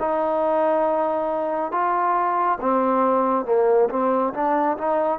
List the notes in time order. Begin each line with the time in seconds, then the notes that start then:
0.00 D#4
1.72 F4
2.61 C4
3.46 A#3
3.90 C4
4.34 D4
4.78 D#4